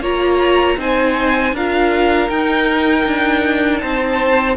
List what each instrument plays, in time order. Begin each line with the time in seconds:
0.00 cello A#3, viola F4, violin C#5 A#5
0.77 cello C4, viola D#4, violin C5 G#5
1.53 cello D4, viola F4, violin A#4 F5
2.29 cello D#4, viola D#4, violin G5
3.06 cello D4
3.78 cello C4, violin C5 A5